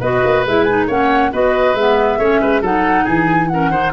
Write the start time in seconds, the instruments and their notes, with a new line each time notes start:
0.00 tuba B3, clarinet F#4, oboe B4, flute D#5
0.24 tuba A#3
0.46 tuba G#3, clarinet E4, flute E5
0.64 clarinet D#4, flute G#5
0.87 tuba A#3, clarinet C#4, oboe C#5, flute F#5
1.32 tuba B3, clarinet F#4, oboe B4, flute D#5
1.74 tuba G#3, clarinet B3, flute E5
2.18 tuba A3, clarinet C#4, oboe C#5
2.41 tuba G#3, oboe B4
2.61 tuba F#3, clarinet D#4, oboe A4, flute F#5
3.04 tuba E3, oboe G#4, flute G#5
3.48 clarinet C#4, oboe A#4, flute F#5
3.70 tuba D#3, clarinet D#4, oboe C5